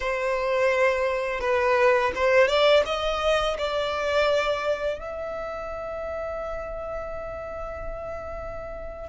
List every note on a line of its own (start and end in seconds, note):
0.00 1.40 C5
1.40 2.12 B4
2.15 2.47 C5
2.47 2.83 D5
2.85 3.57 D#5
3.58 4.99 D5
4.99 9.08 E5